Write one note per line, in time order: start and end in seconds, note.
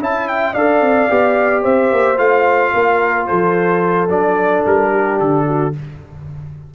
0.00 0.55 C#4
0.00 0.55 E4
0.00 0.54 E5
0.00 0.28 A5
0.28 0.54 G5
0.54 0.81 D4
0.54 1.09 A4
0.54 1.63 D5
0.54 1.63 F5
0.81 1.08 C4
1.09 1.65 B3
1.09 2.17 G4
1.63 1.92 C4
1.63 2.72 C5
1.63 2.18 E5
1.92 2.18 A#3
2.17 2.73 A3
2.17 4.08 F4
2.17 3.27 F5
2.74 3.29 A#3
2.74 3.28 A#4
3.27 4.09 F3
3.27 4.91 A4
3.27 4.08 C5
4.09 4.64 F#3
4.09 5.73 D4
4.09 4.65 D5
4.66 5.20 G3
4.66 5.20 A#4
4.91 5.46 G4
5.20 5.75 D3
5.20 5.74 A4
5.47 5.74 F#4